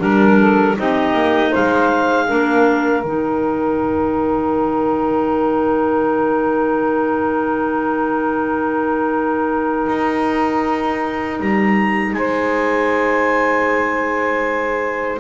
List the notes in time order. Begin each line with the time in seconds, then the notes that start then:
0.00 G3 D4 A#4
0.39 A4
0.77 C4 D#4 G4 D#5
1.14 A#3
1.51 G#3 C5 F5
2.28 A#3 D4 A#4
3.04 D#3 D#4 G5
9.88 D#4
11.40 G3 A#5
12.14 G#3 C5 G#5